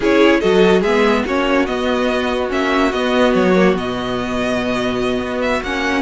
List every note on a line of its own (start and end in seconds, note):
0.00 0.41 C#4
0.00 0.42 E4
0.00 0.39 G#4
0.00 0.40 C#5
0.39 0.82 F#3
0.39 0.83 F#4
0.39 0.80 A4
0.39 0.82 D#5
0.80 1.23 G#3
0.80 1.26 B3
0.80 1.22 G#4
0.80 1.24 E5
1.25 1.68 A#3
1.25 1.66 C#4
1.25 6.01 F#4
1.25 1.65 C#5
1.65 2.49 B3
1.65 2.51 B3
1.65 2.49 D#5
2.49 2.92 A#3
2.49 2.90 C#4
2.49 2.92 E5
2.92 3.33 B3
2.92 3.54 B3
2.92 3.33 D#5
3.34 3.74 F#3
3.34 3.75 C#5
3.54 3.75 A#3
3.74 5.19 B2
3.74 5.63 B3
3.74 5.41 D#5
5.19 5.61 B3
5.41 5.62 E5
5.62 6.01 A#3
5.62 6.01 C#4
5.62 6.01 F#5